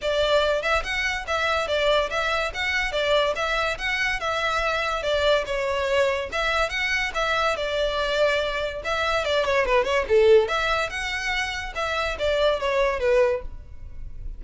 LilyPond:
\new Staff \with { instrumentName = "violin" } { \time 4/4 \tempo 4 = 143 d''4. e''8 fis''4 e''4 | d''4 e''4 fis''4 d''4 | e''4 fis''4 e''2 | d''4 cis''2 e''4 |
fis''4 e''4 d''2~ | d''4 e''4 d''8 cis''8 b'8 cis''8 | a'4 e''4 fis''2 | e''4 d''4 cis''4 b'4 | }